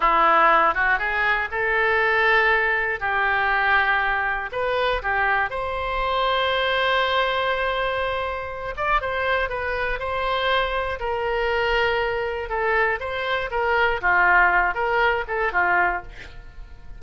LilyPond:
\new Staff \with { instrumentName = "oboe" } { \time 4/4 \tempo 4 = 120 e'4. fis'8 gis'4 a'4~ | a'2 g'2~ | g'4 b'4 g'4 c''4~ | c''1~ |
c''4. d''8 c''4 b'4 | c''2 ais'2~ | ais'4 a'4 c''4 ais'4 | f'4. ais'4 a'8 f'4 | }